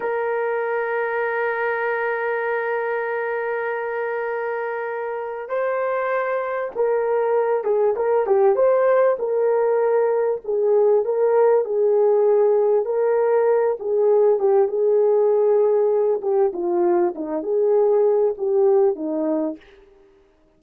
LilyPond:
\new Staff \with { instrumentName = "horn" } { \time 4/4 \tempo 4 = 98 ais'1~ | ais'1~ | ais'4 c''2 ais'4~ | ais'8 gis'8 ais'8 g'8 c''4 ais'4~ |
ais'4 gis'4 ais'4 gis'4~ | gis'4 ais'4. gis'4 g'8 | gis'2~ gis'8 g'8 f'4 | dis'8 gis'4. g'4 dis'4 | }